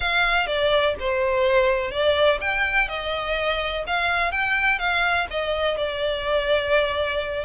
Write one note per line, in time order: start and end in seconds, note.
0.00 0.46 F5
0.46 0.94 D5
0.99 1.91 C5
1.91 2.39 D5
2.40 2.88 G5
2.88 3.84 D#5
3.86 4.31 F5
4.31 4.78 G5
4.78 5.26 F5
5.30 5.77 D#5
5.77 7.44 D5